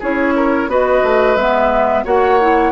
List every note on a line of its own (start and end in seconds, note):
0.00 0.68 C#4
0.00 0.69 E4
0.00 0.34 G#4
0.00 0.71 C#5
0.36 0.70 A#4
0.68 1.02 B3
0.68 1.37 F#4
0.68 2.05 B4
0.68 1.36 D#5
1.04 1.36 A3
1.36 2.04 G#3
1.36 2.05 B3
1.36 2.05 E5
2.05 2.72 A#3
2.05 2.39 F#4
2.05 2.72 C#5
2.05 2.72 F#5
2.41 2.72 E4